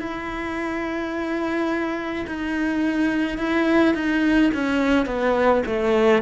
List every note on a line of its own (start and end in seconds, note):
0.00 2.26 E4
2.27 3.39 D#4
3.39 3.95 E4
3.95 4.51 D#4
4.54 5.06 C#4
5.06 5.63 B3
5.66 6.23 A3